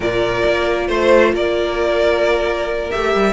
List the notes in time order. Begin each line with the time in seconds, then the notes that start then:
0.00 A#2 F4 A#4 D5
0.45 A#3
0.87 A3 C5
1.33 A#3 A#4 D5
2.90 A3 G4 E5
3.14 G3